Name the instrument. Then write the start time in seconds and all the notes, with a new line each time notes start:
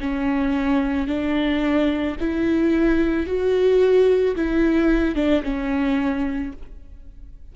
viola
0.00 C#4
1.07 D4
2.20 E4
3.26 F#4
4.35 E4
5.15 D4
5.43 C#4